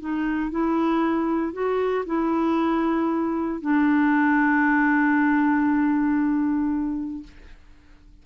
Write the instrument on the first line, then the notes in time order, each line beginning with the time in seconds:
clarinet
0.00 D#4
0.51 E4
1.53 F#4
2.06 E4
3.61 D4